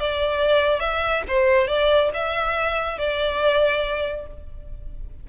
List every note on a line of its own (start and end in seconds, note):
0.00 0.80 D5
0.80 1.23 E5
1.28 1.68 C5
1.68 2.10 D5
2.14 2.98 E5
2.98 4.27 D5